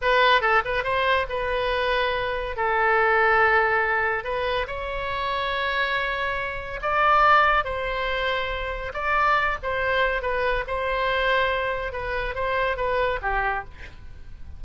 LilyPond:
\new Staff \with { instrumentName = "oboe" } { \time 4/4 \tempo 4 = 141 b'4 a'8 b'8 c''4 b'4~ | b'2 a'2~ | a'2 b'4 cis''4~ | cis''1 |
d''2 c''2~ | c''4 d''4. c''4. | b'4 c''2. | b'4 c''4 b'4 g'4 | }